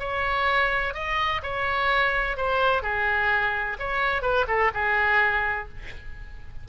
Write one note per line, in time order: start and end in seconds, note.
0.00 0.94 C#5
0.94 1.42 D#5
1.43 2.37 C#5
2.37 2.83 C5
2.83 3.78 G#4
3.80 4.23 C#5
4.23 4.46 B4
4.48 4.72 A4
4.75 5.69 G#4